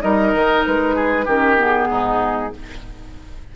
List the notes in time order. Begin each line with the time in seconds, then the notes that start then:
0.00 G3 D#4 A#4 D#5
0.34 D#3
0.65 G#3 B4
0.95 G#4
1.25 D#3 C#4 G4 A#4
1.57 B3 G#4
1.90 G#2 D#4